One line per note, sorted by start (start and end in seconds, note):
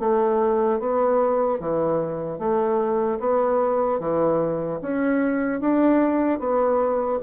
0.00 0.80 A3
0.80 1.60 B3
1.60 2.39 E3
2.39 3.19 A3
3.20 4.00 B3
4.00 4.80 E3
4.82 5.61 C#4
5.61 6.39 D4
6.39 7.19 B3